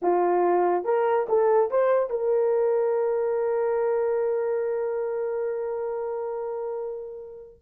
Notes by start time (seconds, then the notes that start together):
0.02 F4
0.84 A#4
1.28 A4
1.70 C5
2.10 A#4